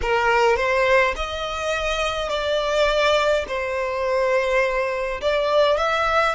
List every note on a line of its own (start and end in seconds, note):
0.01 0.56 A#4
0.56 1.14 C5
1.16 2.29 D#5
2.29 3.44 D5
3.47 5.21 C5
5.21 5.77 D5
5.77 6.34 E5